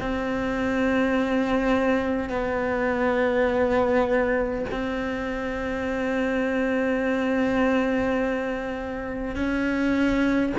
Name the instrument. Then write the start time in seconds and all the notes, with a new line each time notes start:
cello
0.00 C4
2.29 B3
4.72 C4
9.35 C#4